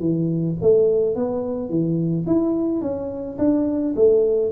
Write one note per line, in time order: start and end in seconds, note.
0.00 0.56 E3
0.62 1.15 A3
1.15 1.70 B3
1.70 2.26 E3
2.27 2.82 E4
2.82 3.38 C#4
3.39 3.95 D4
3.96 4.52 A3